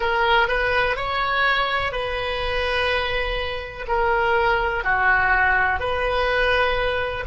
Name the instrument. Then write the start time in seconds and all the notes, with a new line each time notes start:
oboe
0.00 A#4
0.48 B4
0.96 C#5
1.92 B4
3.87 A#4
4.83 F#4
5.79 B4